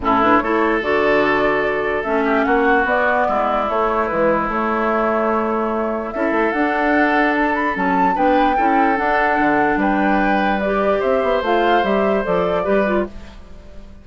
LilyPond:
<<
  \new Staff \with { instrumentName = "flute" } { \time 4/4 \tempo 4 = 147 a'8 b'8 cis''4 d''2~ | d''4 e''4 fis''4 d''4~ | d''4 cis''4 b'4 cis''4~ | cis''2. e''4 |
fis''2 a''8 b''8 a''4 | g''2 fis''2 | g''2 d''4 e''4 | f''4 e''4 d''2 | }
  \new Staff \with { instrumentName = "oboe" } { \time 4/4 e'4 a'2.~ | a'4. g'8 fis'2 | e'1~ | e'2. a'4~ |
a'1 | b'4 a'2. | b'2. c''4~ | c''2. b'4 | }
  \new Staff \with { instrumentName = "clarinet" } { \time 4/4 cis'8 d'8 e'4 fis'2~ | fis'4 cis'2 b4~ | b4 a4 gis4 a4~ | a2. e'4 |
d'2. cis'4 | d'4 e'4 d'2~ | d'2 g'2 | f'4 g'4 a'4 g'8 f'8 | }
  \new Staff \with { instrumentName = "bassoon" } { \time 4/4 a,4 a4 d2~ | d4 a4 ais4 b4 | gis4 a4 e4 a4~ | a2. cis'8 a8 |
d'2. fis4 | b4 cis'4 d'4 d4 | g2. c'8 b8 | a4 g4 f4 g4 | }
>>